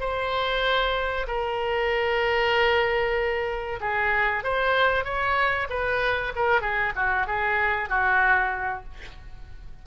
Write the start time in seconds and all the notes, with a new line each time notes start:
0.00 C5
1.27 A#4
3.80 G#4
4.44 C5
5.04 C#5
5.70 B4
6.36 A#4
6.61 G#4
6.96 F#4
7.27 G#4
7.89 F#4